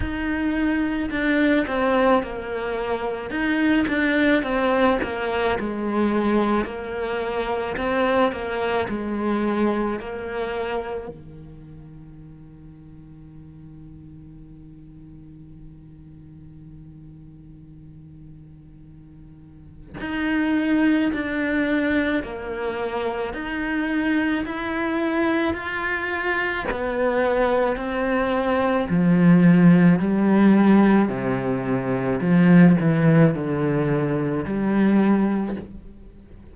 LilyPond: \new Staff \with { instrumentName = "cello" } { \time 4/4 \tempo 4 = 54 dis'4 d'8 c'8 ais4 dis'8 d'8 | c'8 ais8 gis4 ais4 c'8 ais8 | gis4 ais4 dis2~ | dis1~ |
dis2 dis'4 d'4 | ais4 dis'4 e'4 f'4 | b4 c'4 f4 g4 | c4 f8 e8 d4 g4 | }